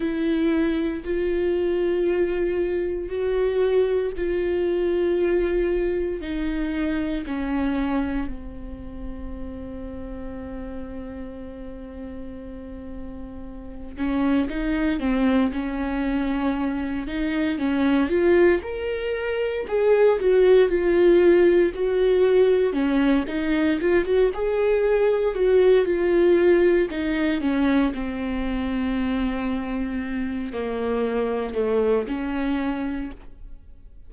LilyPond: \new Staff \with { instrumentName = "viola" } { \time 4/4 \tempo 4 = 58 e'4 f'2 fis'4 | f'2 dis'4 cis'4 | c'1~ | c'4. cis'8 dis'8 c'8 cis'4~ |
cis'8 dis'8 cis'8 f'8 ais'4 gis'8 fis'8 | f'4 fis'4 cis'8 dis'8 f'16 fis'16 gis'8~ | gis'8 fis'8 f'4 dis'8 cis'8 c'4~ | c'4. ais4 a8 cis'4 | }